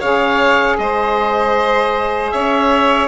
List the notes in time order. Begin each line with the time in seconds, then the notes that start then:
0.00 C#3 G#4 C#5 F5
0.78 G#3 C5 D#5
2.31 C#4 C#5 E5